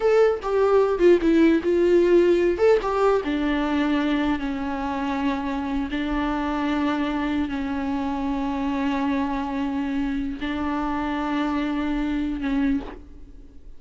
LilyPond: \new Staff \with { instrumentName = "viola" } { \time 4/4 \tempo 4 = 150 a'4 g'4. f'8 e'4 | f'2~ f'8 a'8 g'4 | d'2. cis'4~ | cis'2~ cis'8. d'4~ d'16~ |
d'2~ d'8. cis'4~ cis'16~ | cis'1~ | cis'2 d'2~ | d'2. cis'4 | }